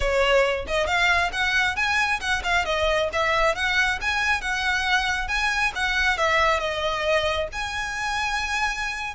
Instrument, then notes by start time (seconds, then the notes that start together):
violin
0.00 C#5
0.67 D#5
0.86 F5
1.32 F#5
1.75 G#5
2.20 F#5
2.43 F5
2.65 D#5
3.12 E5
3.55 F#5
4.01 G#5
4.41 F#5
5.28 G#5
5.75 F#5
6.17 E5
6.59 D#5
7.52 G#5